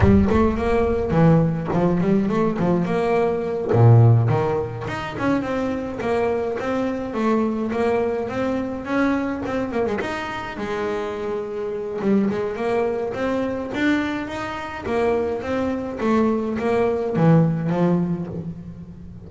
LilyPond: \new Staff \with { instrumentName = "double bass" } { \time 4/4 \tempo 4 = 105 g8 a8 ais4 e4 f8 g8 | a8 f8 ais4. ais,4 dis8~ | dis8 dis'8 cis'8 c'4 ais4 c'8~ | c'8 a4 ais4 c'4 cis'8~ |
cis'8 c'8 ais16 gis16 dis'4 gis4.~ | gis4 g8 gis8 ais4 c'4 | d'4 dis'4 ais4 c'4 | a4 ais4 e4 f4 | }